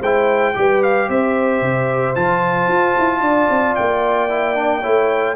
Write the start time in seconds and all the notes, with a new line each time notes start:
0.00 G#3 E4 C5 G5
0.55 G3 G4 B4
0.83 F5
1.09 C4 C5 E5
1.62 C3
2.16 F3 F4 A5
2.68 F4
2.99 E4
3.21 D4 D5
3.50 C4
3.75 A#3 G5
4.30 E4
4.55 D4
4.82 A3 E4 C#5